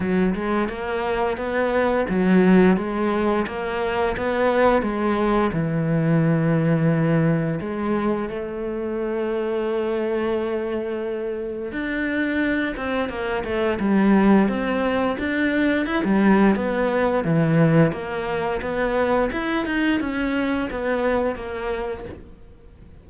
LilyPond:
\new Staff \with { instrumentName = "cello" } { \time 4/4 \tempo 4 = 87 fis8 gis8 ais4 b4 fis4 | gis4 ais4 b4 gis4 | e2. gis4 | a1~ |
a4 d'4. c'8 ais8 a8 | g4 c'4 d'4 e'16 g8. | b4 e4 ais4 b4 | e'8 dis'8 cis'4 b4 ais4 | }